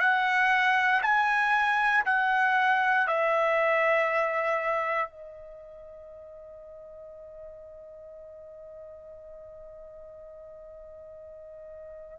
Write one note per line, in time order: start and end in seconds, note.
0.00 1.02 F#5
1.03 2.04 G#5
2.06 3.07 F#5
3.07 5.09 E5
5.09 12.19 D#5